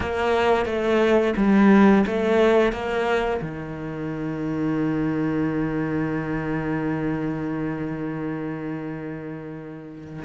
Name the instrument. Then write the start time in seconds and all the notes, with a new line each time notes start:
cello
0.00 A#3
0.65 A3
1.36 G3
2.06 A3
2.72 A#3
3.41 D#3